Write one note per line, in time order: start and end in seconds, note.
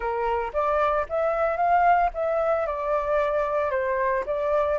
0.00 0.51 A#4
0.53 1.06 D5
1.09 1.56 E5
1.56 2.09 F5
2.14 2.66 E5
2.66 3.70 D5
3.70 4.23 C5
4.26 4.78 D5